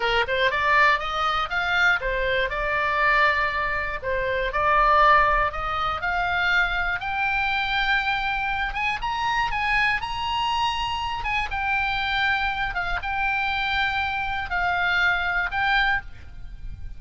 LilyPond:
\new Staff \with { instrumentName = "oboe" } { \time 4/4 \tempo 4 = 120 ais'8 c''8 d''4 dis''4 f''4 | c''4 d''2. | c''4 d''2 dis''4 | f''2 g''2~ |
g''4. gis''8 ais''4 gis''4 | ais''2~ ais''8 gis''8 g''4~ | g''4. f''8 g''2~ | g''4 f''2 g''4 | }